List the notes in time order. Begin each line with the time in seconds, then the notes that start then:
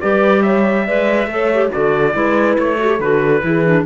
0.00 G3 G4 B4 D5
0.42 C#5 E5
0.85 G#3 B4 D5
1.26 A3 A4 C#5
1.53 G4
1.71 D3 F#4 A4 D5
2.12 G#3 E4 B4
2.58 A3 C#5
2.78 F#4 A4
2.86 G4
2.99 D3 F#4 B4
3.40 E3 E4 G#4
3.64 D4